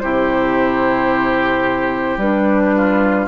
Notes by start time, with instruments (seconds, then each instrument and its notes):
0.00 bassoon C3, clarinet E4, oboe G4, flute C5
2.18 bassoon G3, clarinet D4, flute B4
2.76 oboe F4